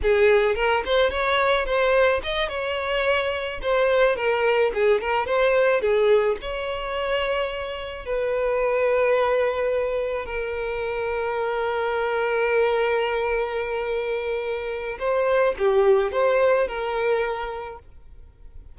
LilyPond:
\new Staff \with { instrumentName = "violin" } { \time 4/4 \tempo 4 = 108 gis'4 ais'8 c''8 cis''4 c''4 | dis''8 cis''2 c''4 ais'8~ | ais'8 gis'8 ais'8 c''4 gis'4 cis''8~ | cis''2~ cis''8 b'4.~ |
b'2~ b'8 ais'4.~ | ais'1~ | ais'2. c''4 | g'4 c''4 ais'2 | }